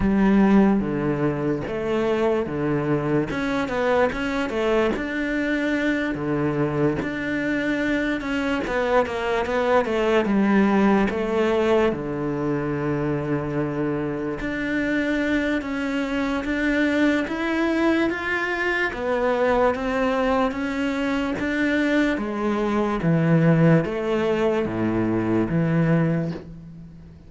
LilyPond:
\new Staff \with { instrumentName = "cello" } { \time 4/4 \tempo 4 = 73 g4 d4 a4 d4 | cis'8 b8 cis'8 a8 d'4. d8~ | d8 d'4. cis'8 b8 ais8 b8 | a8 g4 a4 d4.~ |
d4. d'4. cis'4 | d'4 e'4 f'4 b4 | c'4 cis'4 d'4 gis4 | e4 a4 a,4 e4 | }